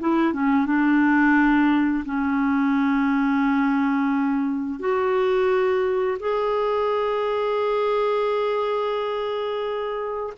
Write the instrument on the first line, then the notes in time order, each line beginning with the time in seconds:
clarinet
0.00 E4
0.33 C#4
0.66 D4
2.05 C#4
4.80 F#4
6.19 G#4